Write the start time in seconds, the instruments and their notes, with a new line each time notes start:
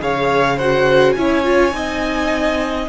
0.00 cello C#3, viola G#4, violin C#5 F5
0.57 viola F#4, violin C5 F#5
1.12 cello C#4, viola E4, violin C#5 G#5
1.44 viola F4
1.72 cello C4, viola D#4, violin D#5